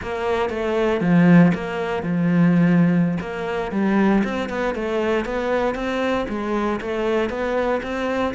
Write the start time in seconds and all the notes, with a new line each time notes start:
0.02 A#3
0.49 A3
1.00 F3
1.54 A#3
2.02 F3
3.20 A#3
3.71 G3
4.24 C4
4.49 B3
4.74 A3
5.25 B3
5.75 C4
6.28 G#3
6.80 A3
7.29 B3
7.82 C4